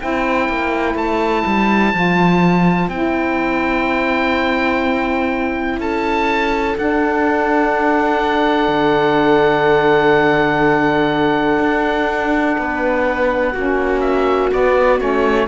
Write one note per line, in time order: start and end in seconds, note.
0.00 0.49 C4
0.00 1.94 E4
0.00 5.81 C5
0.00 0.97 G5
0.49 0.95 A#3
0.95 1.43 A3
0.95 2.90 A5
1.46 1.94 G3
1.94 2.88 F3
1.94 2.90 F4
2.88 5.79 C4
2.88 6.76 E4
2.88 5.80 G5
5.79 6.75 C#4
5.79 12.58 A4
5.79 6.78 A5
6.76 13.53 D4
6.76 8.69 D4
6.76 14.01 F#5
8.69 11.59 D3
11.60 12.56 D4
12.58 13.55 B3
12.58 13.53 B4
13.53 14.52 A#3
13.53 14.51 C#4
13.53 15.46 F#4
14.01 14.49 E5
14.51 14.99 B3
14.51 15.01 B3
14.51 15.00 D5
14.99 15.48 A3
14.99 15.48 C#4
14.99 15.48 C#5